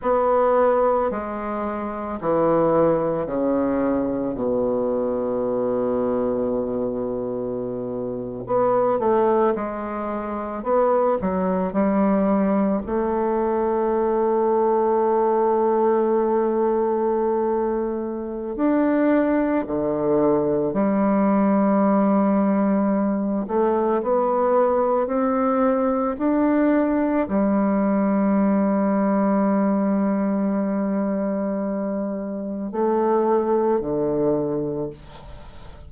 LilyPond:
\new Staff \with { instrumentName = "bassoon" } { \time 4/4 \tempo 4 = 55 b4 gis4 e4 cis4 | b,2.~ b,8. b16~ | b16 a8 gis4 b8 fis8 g4 a16~ | a1~ |
a4 d'4 d4 g4~ | g4. a8 b4 c'4 | d'4 g2.~ | g2 a4 d4 | }